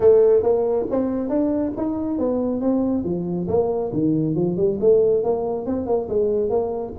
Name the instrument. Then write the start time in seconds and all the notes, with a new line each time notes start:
tuba
0.00 A3
0.42 A#3
0.90 C4
1.29 D4
1.76 D#4
2.18 B3
2.61 C4
3.04 F3
3.48 A#3
3.92 D#3
4.35 F3
4.57 G3
4.80 A3
5.23 A#3
5.66 C4
5.86 A#3
6.08 G#3
6.49 A#3